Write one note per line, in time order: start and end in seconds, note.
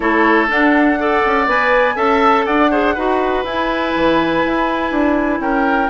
0.00 0.49 A3
0.00 0.48 E4
0.00 0.99 A4
0.00 0.48 C#5
0.48 0.97 D4
0.48 1.23 D4
0.48 1.48 F#5
0.98 1.47 A4
0.98 1.96 D5
1.25 1.47 C#4
1.47 1.95 B3
1.47 1.95 B4
1.47 1.97 G#5
1.95 2.45 C#4
1.95 2.69 A4
1.95 2.45 E5
1.95 2.45 A5
2.45 2.96 D4
2.45 2.70 D5
2.45 3.44 F#5
2.70 2.95 G#4
2.70 2.94 C5
2.94 3.44 D#4
2.94 3.46 F#4
2.94 5.40 B4
3.44 3.93 E4
3.44 5.89 E4
3.44 5.41 G#5
3.95 4.45 E3
4.45 4.91 E4
4.91 5.39 D4
5.39 5.88 C#4
5.39 5.89 A#4
5.39 5.89 G5